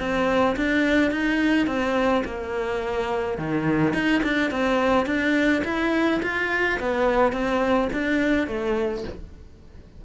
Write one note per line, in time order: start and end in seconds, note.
0.00 0.57 C4
0.57 1.11 D4
1.11 1.67 D#4
1.67 2.24 C4
2.25 3.38 A#3
3.39 3.94 D#3
3.94 4.22 D#4
4.23 4.51 D4
4.51 5.06 C4
5.06 5.63 D4
5.65 6.21 E4
6.23 6.80 F4
6.80 7.33 B3
7.33 7.89 C4
7.93 8.48 D4
8.48 9.04 A3